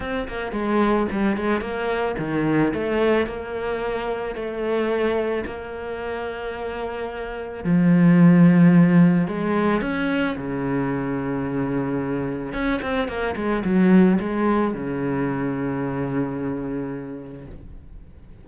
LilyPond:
\new Staff \with { instrumentName = "cello" } { \time 4/4 \tempo 4 = 110 c'8 ais8 gis4 g8 gis8 ais4 | dis4 a4 ais2 | a2 ais2~ | ais2 f2~ |
f4 gis4 cis'4 cis4~ | cis2. cis'8 c'8 | ais8 gis8 fis4 gis4 cis4~ | cis1 | }